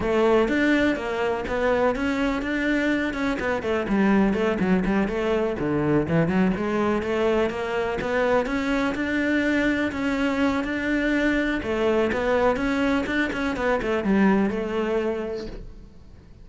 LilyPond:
\new Staff \with { instrumentName = "cello" } { \time 4/4 \tempo 4 = 124 a4 d'4 ais4 b4 | cis'4 d'4. cis'8 b8 a8 | g4 a8 fis8 g8 a4 d8~ | d8 e8 fis8 gis4 a4 ais8~ |
ais8 b4 cis'4 d'4.~ | d'8 cis'4. d'2 | a4 b4 cis'4 d'8 cis'8 | b8 a8 g4 a2 | }